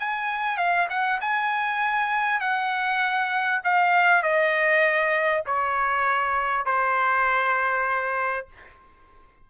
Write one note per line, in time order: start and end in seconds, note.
0.00 0.58 G#5
0.58 0.88 F5
0.90 1.20 F#5
1.21 2.40 G#5
2.40 3.62 F#5
3.64 4.23 F5
4.23 5.44 D#5
5.47 6.66 C#5
6.66 8.48 C5